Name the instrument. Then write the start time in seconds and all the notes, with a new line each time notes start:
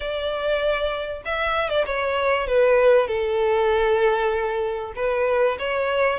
violin
0.00 D5
1.25 E5
1.69 D5
1.86 C#5
2.47 B4
3.07 A4
4.95 B4
5.58 C#5